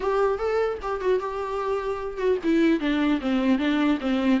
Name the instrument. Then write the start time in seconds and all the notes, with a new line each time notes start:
viola
0.00 G4
0.38 A4
0.81 G4
1.00 F#4
1.19 G4
2.17 F#4
2.43 E4
2.80 D4
3.20 C4
3.58 D4
4.00 C4